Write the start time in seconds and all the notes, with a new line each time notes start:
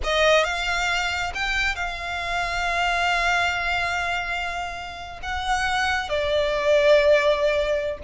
0.03 D#5
0.44 F5
1.34 G5
1.75 F5
5.22 F#5
6.09 D5